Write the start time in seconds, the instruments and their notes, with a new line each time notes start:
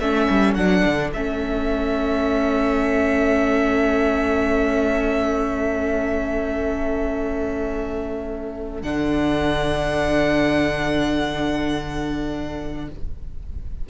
0.00 cello A3, viola C#4, violin A4 E5
0.30 cello G3
0.55 cello F#3, viola D4, violin F#5
0.85 cello D3
1.13 cello A3, viola C#4, violin E5
8.82 cello D3, viola D4, violin F#5